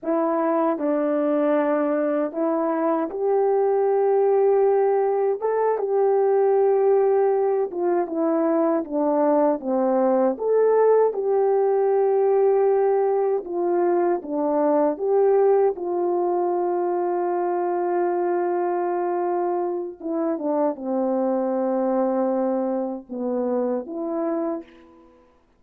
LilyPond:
\new Staff \with { instrumentName = "horn" } { \time 4/4 \tempo 4 = 78 e'4 d'2 e'4 | g'2. a'8 g'8~ | g'2 f'8 e'4 d'8~ | d'8 c'4 a'4 g'4.~ |
g'4. f'4 d'4 g'8~ | g'8 f'2.~ f'8~ | f'2 e'8 d'8 c'4~ | c'2 b4 e'4 | }